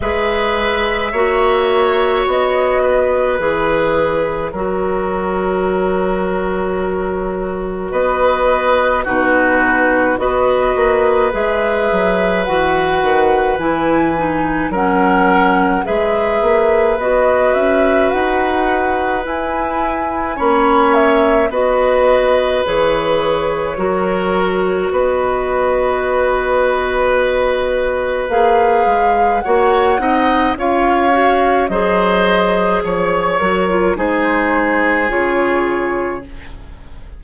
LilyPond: <<
  \new Staff \with { instrumentName = "flute" } { \time 4/4 \tempo 4 = 53 e''2 dis''4 cis''4~ | cis''2. dis''4 | b'4 dis''4 e''4 fis''4 | gis''4 fis''4 e''4 dis''8 e''8 |
fis''4 gis''4 b''8 e''8 dis''4 | cis''2 dis''2~ | dis''4 f''4 fis''4 f''4 | dis''4 cis''8 ais'8 c''4 cis''4 | }
  \new Staff \with { instrumentName = "oboe" } { \time 4/4 b'4 cis''4. b'4. | ais'2. b'4 | fis'4 b'2.~ | b'4 ais'4 b'2~ |
b'2 cis''4 b'4~ | b'4 ais'4 b'2~ | b'2 cis''8 dis''8 cis''4 | c''4 cis''4 gis'2 | }
  \new Staff \with { instrumentName = "clarinet" } { \time 4/4 gis'4 fis'2 gis'4 | fis'1 | dis'4 fis'4 gis'4 fis'4 | e'8 dis'8 cis'4 gis'4 fis'4~ |
fis'4 e'4 cis'4 fis'4 | gis'4 fis'2.~ | fis'4 gis'4 fis'8 dis'8 f'8 fis'8 | gis'4. fis'16 f'16 dis'4 f'4 | }
  \new Staff \with { instrumentName = "bassoon" } { \time 4/4 gis4 ais4 b4 e4 | fis2. b4 | b,4 b8 ais8 gis8 fis8 e8 dis8 | e4 fis4 gis8 ais8 b8 cis'8 |
dis'4 e'4 ais4 b4 | e4 fis4 b2~ | b4 ais8 gis8 ais8 c'8 cis'4 | fis4 f8 fis8 gis4 cis4 | }
>>